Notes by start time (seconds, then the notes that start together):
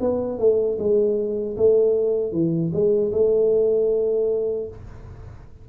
0.00 B3
0.39 A3
0.78 G#3
1.57 A3
2.32 E3
2.73 G#3
3.12 A3